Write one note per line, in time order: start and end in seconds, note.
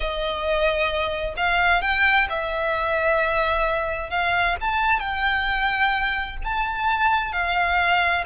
0.00 1.34 D#5
1.36 1.81 F5
1.81 2.27 G5
2.29 4.10 E5
4.10 4.56 F5
4.60 4.99 A5
4.99 6.37 G5
6.44 7.32 A5
7.32 8.24 F5